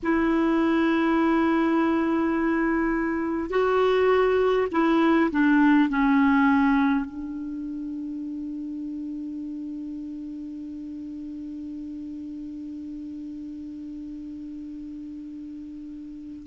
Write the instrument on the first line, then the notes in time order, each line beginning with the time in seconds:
clarinet
0.02 E4
3.50 F#4
4.71 E4
5.31 D4
5.89 C#4
7.05 D4